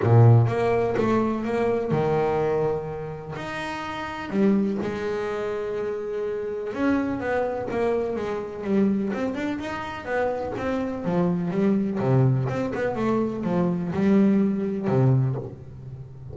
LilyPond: \new Staff \with { instrumentName = "double bass" } { \time 4/4 \tempo 4 = 125 ais,4 ais4 a4 ais4 | dis2. dis'4~ | dis'4 g4 gis2~ | gis2 cis'4 b4 |
ais4 gis4 g4 c'8 d'8 | dis'4 b4 c'4 f4 | g4 c4 c'8 b8 a4 | f4 g2 c4 | }